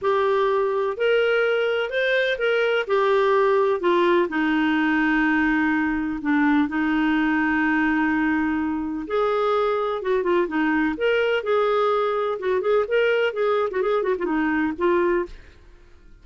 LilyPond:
\new Staff \with { instrumentName = "clarinet" } { \time 4/4 \tempo 4 = 126 g'2 ais'2 | c''4 ais'4 g'2 | f'4 dis'2.~ | dis'4 d'4 dis'2~ |
dis'2. gis'4~ | gis'4 fis'8 f'8 dis'4 ais'4 | gis'2 fis'8 gis'8 ais'4 | gis'8. fis'16 gis'8 fis'16 f'16 dis'4 f'4 | }